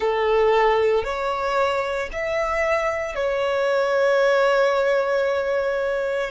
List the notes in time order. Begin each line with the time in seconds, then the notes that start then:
0.00 A4
1.04 C#5
2.12 E5
3.15 C#5